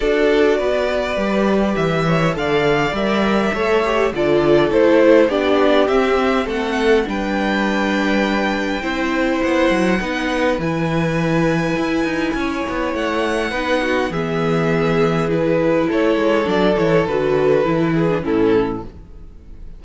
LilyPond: <<
  \new Staff \with { instrumentName = "violin" } { \time 4/4 \tempo 4 = 102 d''2. e''4 | f''4 e''2 d''4 | c''4 d''4 e''4 fis''4 | g''1 |
fis''2 gis''2~ | gis''2 fis''2 | e''2 b'4 cis''4 | d''8 cis''8 b'2 a'4 | }
  \new Staff \with { instrumentName = "violin" } { \time 4/4 a'4 b'2~ b'8 cis''8 | d''2 cis''4 a'4~ | a'4 g'2 a'4 | b'2. c''4~ |
c''4 b'2.~ | b'4 cis''2 b'8 fis'8 | gis'2. a'4~ | a'2~ a'8 gis'8 e'4 | }
  \new Staff \with { instrumentName = "viola" } { \time 4/4 fis'2 g'2 | a'4 ais'4 a'8 g'8 f'4 | e'4 d'4 c'2 | d'2. e'4~ |
e'4 dis'4 e'2~ | e'2. dis'4 | b2 e'2 | d'8 e'8 fis'4 e'8. d'16 cis'4 | }
  \new Staff \with { instrumentName = "cello" } { \time 4/4 d'4 b4 g4 e4 | d4 g4 a4 d4 | a4 b4 c'4 a4 | g2. c'4 |
b8 fis8 b4 e2 | e'8 dis'8 cis'8 b8 a4 b4 | e2. a8 gis8 | fis8 e8 d4 e4 a,4 | }
>>